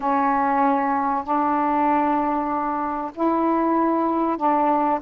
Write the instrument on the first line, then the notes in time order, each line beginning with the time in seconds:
saxophone
0.00 C#4
1.24 D4
3.14 E4
4.37 D4